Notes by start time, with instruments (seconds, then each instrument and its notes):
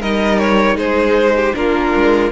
0.00 cello G3, viola D#4, violin A#4 D#5
0.39 violin C#5
0.76 cello G#3, violin G#4 C5
1.36 violin G4
1.54 cello A#3, viola D4, violin F4 A#4
1.96 cello G#3